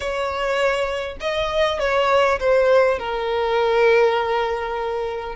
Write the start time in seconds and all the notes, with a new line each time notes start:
0.00 C#5
1.20 D#5
1.79 C#5
2.39 C5
2.98 A#4